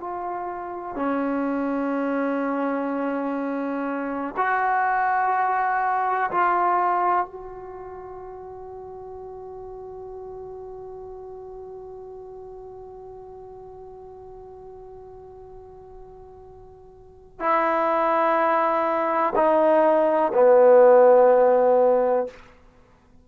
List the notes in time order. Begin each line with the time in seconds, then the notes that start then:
0.00 F4
0.95 C#4
4.36 F#4
6.30 F4
7.25 F#4
17.39 E4
19.35 D#4
20.33 B3